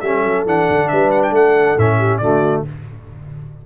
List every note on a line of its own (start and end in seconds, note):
0.00 0.24 G3
0.00 0.47 C#4
0.00 0.90 A4
0.00 0.44 E5
0.24 0.45 F#3
0.45 0.67 E3
0.45 1.78 D4
0.45 0.89 F#5
0.69 0.91 D3
0.89 1.31 G3
0.89 1.33 B4
0.89 1.10 E5
1.11 1.22 F#5
1.23 1.34 G5
1.31 1.74 A3
1.31 1.98 A4
1.31 1.79 F#5
1.78 2.21 A2
1.78 2.22 C#4
1.78 2.18 E5
1.98 2.20 G4
2.18 2.65 D3
2.18 2.66 A3
2.18 2.66 F#4
2.18 2.62 D5